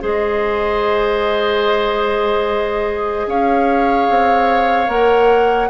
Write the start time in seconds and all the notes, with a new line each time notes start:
0.00 G#3 G#4 C5 D#5
3.26 C#4 C#5 F5
4.10 C4
4.87 A#3 A#4 F#5